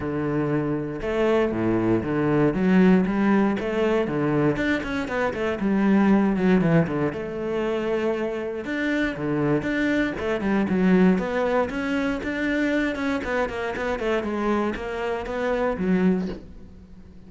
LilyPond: \new Staff \with { instrumentName = "cello" } { \time 4/4 \tempo 4 = 118 d2 a4 a,4 | d4 fis4 g4 a4 | d4 d'8 cis'8 b8 a8 g4~ | g8 fis8 e8 d8 a2~ |
a4 d'4 d4 d'4 | a8 g8 fis4 b4 cis'4 | d'4. cis'8 b8 ais8 b8 a8 | gis4 ais4 b4 fis4 | }